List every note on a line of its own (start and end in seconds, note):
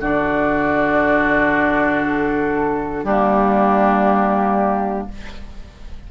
0.00 3.03 D3
0.00 3.07 D4
0.00 3.04 F#4
0.00 2.03 D5
2.03 3.04 A4
3.03 5.07 G3
3.03 5.11 A#3
3.03 5.07 D4
3.03 5.07 G4